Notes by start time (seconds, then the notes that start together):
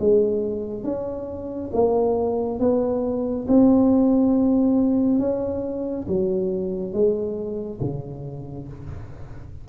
0.00 G#3
0.84 C#4
1.73 A#3
2.60 B3
3.48 C4
5.19 C#4
6.08 F#3
6.93 G#3
7.81 C#3